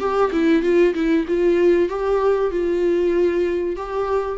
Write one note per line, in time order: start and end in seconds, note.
0.00 0.31 G4
0.33 0.63 E4
0.63 0.94 F4
0.95 1.26 E4
1.28 1.89 F4
1.89 2.51 G4
2.51 3.76 F4
3.76 4.39 G4